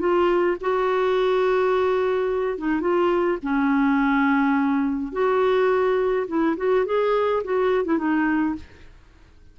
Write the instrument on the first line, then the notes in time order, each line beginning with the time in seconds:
clarinet
0.00 F4
0.61 F#4
2.58 D#4
2.81 F4
3.43 C#4
5.12 F#4
6.28 E4
6.57 F#4
6.86 G#4
7.44 F#4
7.85 E4
7.98 D#4